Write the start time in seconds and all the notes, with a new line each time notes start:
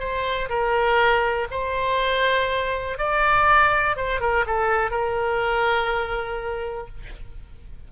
0.00 C5
0.49 A#4
1.51 C5
2.98 D5
3.97 C5
4.21 A#4
4.47 A4
4.91 A#4